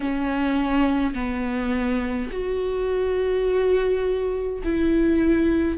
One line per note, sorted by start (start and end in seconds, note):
0.00 1.14 C#4
1.14 2.30 B3
2.31 4.62 F#4
4.64 5.77 E4